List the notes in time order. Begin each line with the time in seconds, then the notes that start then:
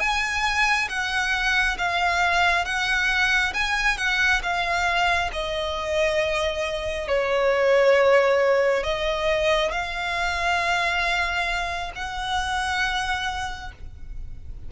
0.00 G#5
0.89 F#5
1.78 F5
2.65 F#5
3.54 G#5
3.97 F#5
4.42 F5
5.33 D#5
7.07 C#5
8.83 D#5
9.71 F5
11.95 F#5